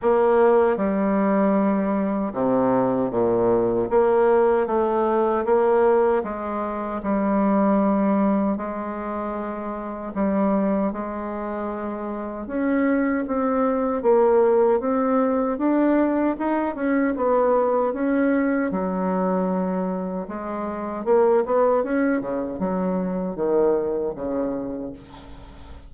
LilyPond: \new Staff \with { instrumentName = "bassoon" } { \time 4/4 \tempo 4 = 77 ais4 g2 c4 | ais,4 ais4 a4 ais4 | gis4 g2 gis4~ | gis4 g4 gis2 |
cis'4 c'4 ais4 c'4 | d'4 dis'8 cis'8 b4 cis'4 | fis2 gis4 ais8 b8 | cis'8 cis8 fis4 dis4 cis4 | }